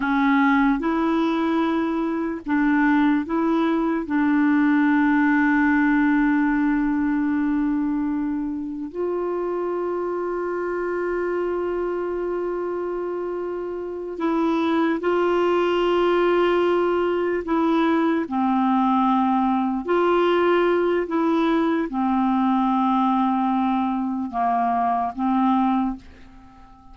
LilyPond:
\new Staff \with { instrumentName = "clarinet" } { \time 4/4 \tempo 4 = 74 cis'4 e'2 d'4 | e'4 d'2.~ | d'2. f'4~ | f'1~ |
f'4. e'4 f'4.~ | f'4. e'4 c'4.~ | c'8 f'4. e'4 c'4~ | c'2 ais4 c'4 | }